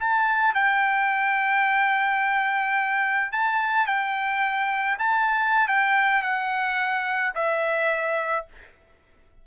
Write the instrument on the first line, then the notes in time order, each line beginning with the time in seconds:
trumpet
0.00 A5
0.55 G5
3.32 A5
3.87 G5
4.99 A5
5.68 G5
6.23 F#5
7.35 E5